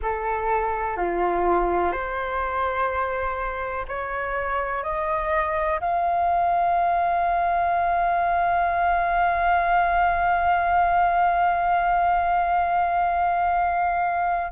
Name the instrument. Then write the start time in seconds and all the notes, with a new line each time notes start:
flute
0.01 A4
0.96 F4
1.91 C5
3.88 C#5
4.83 D#5
5.80 F5